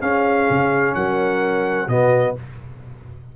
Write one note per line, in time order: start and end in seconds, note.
0.00 1.88 C#4
0.00 0.48 C#4
0.00 0.94 G#4
0.00 0.94 F5
0.50 0.95 C#3
0.94 1.87 F#3
0.94 1.88 A#4
0.94 1.88 F#5
1.87 2.34 B2
1.87 2.35 B3
1.87 2.35 F#4
1.87 2.35 D#5